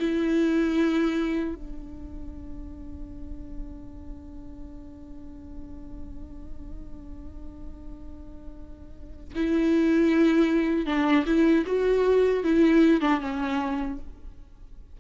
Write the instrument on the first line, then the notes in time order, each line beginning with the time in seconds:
viola
0.00 E4
1.55 D4
9.35 E4
10.86 D4
11.26 E4
11.66 F#4
12.44 E4
13.01 D4
13.21 C#4